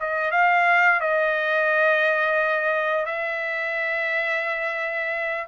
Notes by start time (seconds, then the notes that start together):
0.00 D#5
0.31 F5
1.01 D#5
3.06 E5